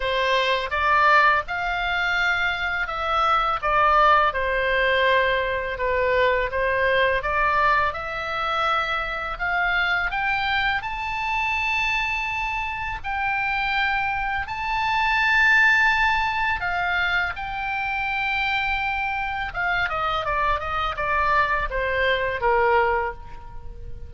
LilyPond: \new Staff \with { instrumentName = "oboe" } { \time 4/4 \tempo 4 = 83 c''4 d''4 f''2 | e''4 d''4 c''2 | b'4 c''4 d''4 e''4~ | e''4 f''4 g''4 a''4~ |
a''2 g''2 | a''2. f''4 | g''2. f''8 dis''8 | d''8 dis''8 d''4 c''4 ais'4 | }